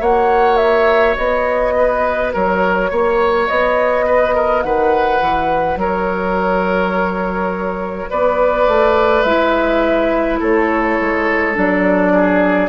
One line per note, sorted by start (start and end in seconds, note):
0.00 1.16 A#3
0.00 9.23 F#4
0.00 1.74 C#5
0.00 0.57 F#5
0.57 1.15 E5
1.17 2.34 B3
1.17 2.32 D#5
1.77 2.33 B4
2.33 2.92 F#3
2.33 2.90 A#4
2.33 3.48 C#5
2.90 3.49 A#3
2.90 4.06 C#5
3.48 4.64 B3
3.48 4.62 D#5
4.06 4.35 B4
4.35 4.63 A#4
4.62 5.21 D#3
4.62 5.80 B4
4.62 5.78 F#5
5.21 5.76 E3
5.76 8.07 F#3
5.76 8.10 A#4
5.76 8.11 C#5
8.10 8.68 B3
8.10 10.40 B4
8.10 9.23 D5
8.68 9.24 A3
9.23 10.39 G#3
9.23 11.54 E4
9.23 10.38 E5
10.40 11.00 A3
10.40 12.13 A4
10.40 11.57 C#5
11.01 11.57 G#3
11.54 12.69 F#3
11.54 12.69 D4
11.54 12.69 D5
12.14 12.69 G#4